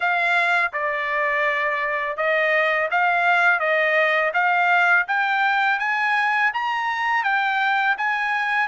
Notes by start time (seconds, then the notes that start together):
0.00 F5
0.72 D5
2.16 D#5
2.90 F5
3.59 D#5
4.33 F5
5.07 G5
5.79 G#5
6.53 A#5
7.23 G5
7.97 G#5